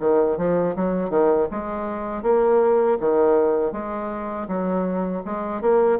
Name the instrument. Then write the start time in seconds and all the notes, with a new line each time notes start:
bassoon
0.00 D#3
0.38 F3
0.76 F#3
1.10 D#3
1.51 G#3
2.23 A#3
3.00 D#3
3.73 G#3
4.48 F#3
5.25 G#3
5.61 A#3